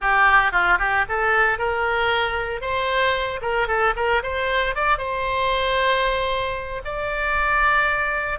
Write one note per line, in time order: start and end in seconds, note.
0.01 0.52 G4
0.52 0.78 F4
0.78 1.05 G4
1.09 1.58 A4
1.58 2.61 A#4
2.61 3.40 C5
3.41 3.67 A#4
3.67 3.94 A4
3.96 4.22 A#4
4.22 4.75 C5
4.75 4.97 D5
4.97 6.82 C5
6.84 8.39 D5